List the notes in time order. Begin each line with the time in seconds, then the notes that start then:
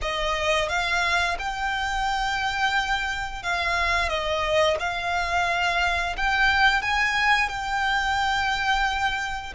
0.01 D#5
0.68 F5
1.39 G5
3.42 F5
4.08 D#5
4.79 F5
6.16 G5
6.82 G#5
7.48 G5